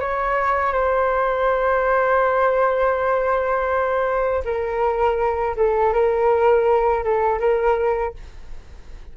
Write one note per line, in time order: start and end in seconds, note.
0.00 0.73 C#5
0.73 4.43 C5
4.44 5.56 A#4
5.56 5.93 A4
5.93 7.03 A#4
7.03 7.39 A4
7.39 8.13 A#4